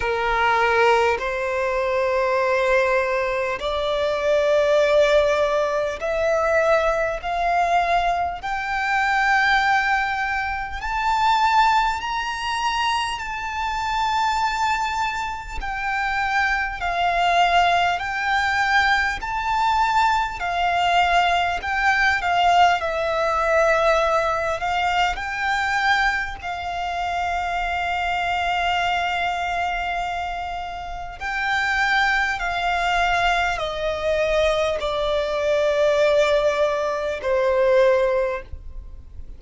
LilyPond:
\new Staff \with { instrumentName = "violin" } { \time 4/4 \tempo 4 = 50 ais'4 c''2 d''4~ | d''4 e''4 f''4 g''4~ | g''4 a''4 ais''4 a''4~ | a''4 g''4 f''4 g''4 |
a''4 f''4 g''8 f''8 e''4~ | e''8 f''8 g''4 f''2~ | f''2 g''4 f''4 | dis''4 d''2 c''4 | }